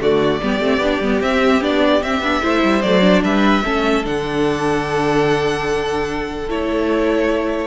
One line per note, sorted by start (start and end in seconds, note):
0.00 0.41 D3
0.00 0.41 A3
0.00 0.41 F#4
0.00 1.22 D5
0.41 0.59 G3
0.41 0.61 B3
0.41 2.42 G4
0.59 0.78 A3
0.59 0.82 C4
0.78 0.98 B3
0.78 1.02 D4
1.00 1.20 G3
1.00 1.21 B3
1.21 1.61 C4
1.21 1.62 C4
1.21 1.62 E5
1.61 2.02 B3
1.61 2.01 D4
1.61 2.02 D5
2.02 2.22 C4
2.02 2.21 C4
2.02 2.82 E5
2.21 2.41 B3
2.21 2.42 D4
2.42 2.63 A3
2.42 2.83 E4
2.42 3.23 C5
2.63 2.83 G3
2.82 3.23 F#3
2.82 3.01 A3
2.82 3.22 D5
3.01 3.62 D4
3.23 3.64 G3
3.23 3.64 B4
3.23 4.05 E5
3.64 4.05 A3
3.64 4.04 C#4
3.64 7.67 A4
4.04 6.49 D3
4.04 6.47 D4
4.04 6.49 F#5
6.49 7.67 A3
6.49 7.67 E4
6.49 7.67 C#5